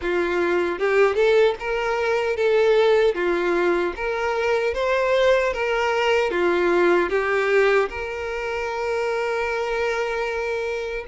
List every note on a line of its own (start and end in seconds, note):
0.01 0.79 F4
0.79 1.15 G4
1.15 1.54 A4
1.59 2.36 A#4
2.36 3.14 A4
3.14 3.93 F4
3.96 4.74 A#4
4.74 5.53 C5
5.53 6.31 A#4
6.31 7.09 F4
7.09 7.88 G4
7.89 11.05 A#4